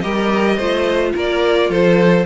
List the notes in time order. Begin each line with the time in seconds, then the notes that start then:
0.00 G3 G4 A#4 D#5
0.57 A3 F4 C5
1.15 A#3 A#4 D5
1.69 F3 A4 C5